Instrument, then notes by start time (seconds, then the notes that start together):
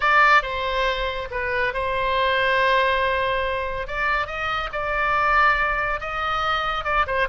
oboe
0.00 D5
0.42 C5
1.31 B4
1.73 C5
3.87 D5
4.26 D#5
4.72 D5
6.00 D#5
6.84 D5
7.06 C5